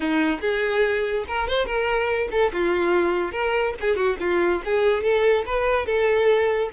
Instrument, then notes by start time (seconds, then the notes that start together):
violin
0.00 D#4
0.40 G#4
1.27 A#4
1.48 C5
1.66 A#4
2.31 A4
2.53 F4
3.32 A#4
3.80 G#4
3.96 F#4
4.20 F4
4.65 G#4
5.03 A4
5.45 B4
5.86 A4